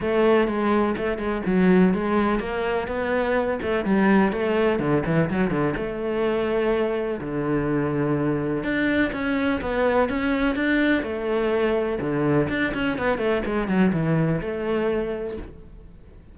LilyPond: \new Staff \with { instrumentName = "cello" } { \time 4/4 \tempo 4 = 125 a4 gis4 a8 gis8 fis4 | gis4 ais4 b4. a8 | g4 a4 d8 e8 fis8 d8 | a2. d4~ |
d2 d'4 cis'4 | b4 cis'4 d'4 a4~ | a4 d4 d'8 cis'8 b8 a8 | gis8 fis8 e4 a2 | }